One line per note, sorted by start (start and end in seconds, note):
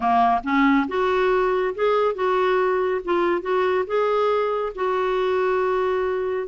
0.00 0.41 A#3
0.43 0.86 C#4
0.88 1.74 F#4
1.74 2.14 G#4
2.14 3.01 F#4
3.04 3.41 F4
3.41 3.84 F#4
3.86 4.73 G#4
4.75 6.47 F#4